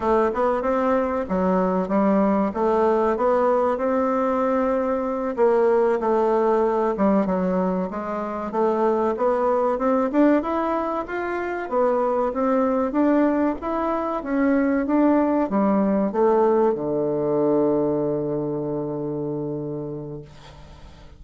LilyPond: \new Staff \with { instrumentName = "bassoon" } { \time 4/4 \tempo 4 = 95 a8 b8 c'4 fis4 g4 | a4 b4 c'2~ | c'8 ais4 a4. g8 fis8~ | fis8 gis4 a4 b4 c'8 |
d'8 e'4 f'4 b4 c'8~ | c'8 d'4 e'4 cis'4 d'8~ | d'8 g4 a4 d4.~ | d1 | }